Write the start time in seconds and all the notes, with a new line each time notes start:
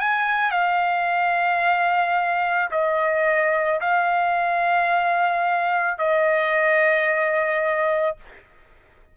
0.00 G#5
0.51 F5
2.71 D#5
3.80 F5
5.98 D#5